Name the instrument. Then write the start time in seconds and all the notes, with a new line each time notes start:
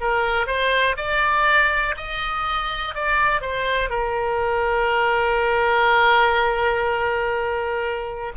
oboe
0.00 A#4
0.46 C5
0.97 D5
1.96 D#5
2.94 D5
3.41 C5
3.89 A#4